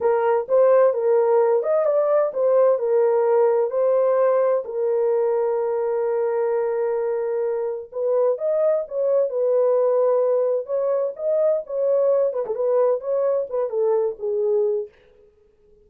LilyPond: \new Staff \with { instrumentName = "horn" } { \time 4/4 \tempo 4 = 129 ais'4 c''4 ais'4. dis''8 | d''4 c''4 ais'2 | c''2 ais'2~ | ais'1~ |
ais'4 b'4 dis''4 cis''4 | b'2. cis''4 | dis''4 cis''4. b'16 a'16 b'4 | cis''4 b'8 a'4 gis'4. | }